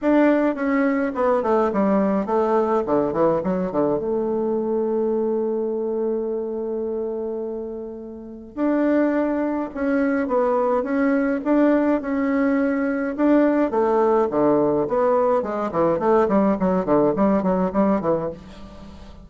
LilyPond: \new Staff \with { instrumentName = "bassoon" } { \time 4/4 \tempo 4 = 105 d'4 cis'4 b8 a8 g4 | a4 d8 e8 fis8 d8 a4~ | a1~ | a2. d'4~ |
d'4 cis'4 b4 cis'4 | d'4 cis'2 d'4 | a4 d4 b4 gis8 e8 | a8 g8 fis8 d8 g8 fis8 g8 e8 | }